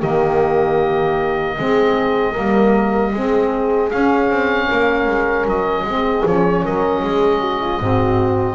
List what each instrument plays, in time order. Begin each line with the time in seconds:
0.00 double bass D#3, saxophone A#3, horn G4, oboe D#5
1.57 double bass G#3, saxophone C4, horn G#4
2.32 double bass G3, saxophone A#3, horn A#4
3.12 double bass G#3, saxophone C4, horn G#4
3.90 saxophone C#4, double bass C#4, oboe F5
4.30 double bass C4
4.69 double bass A#3, horn A#4
5.07 double bass G#3
5.45 double bass F#3, oboe D#5
5.84 double bass G#3, saxophone C4, horn G#4
6.26 double bass F3, saxophone C#4, oboe C#5
6.64 double bass F#3, horn A#4, oboe D#5
7.03 double bass G#3, horn G#4
7.41 horn F#4
7.61 horn F4
7.80 double bass G#2, saxophone C4, horn F#4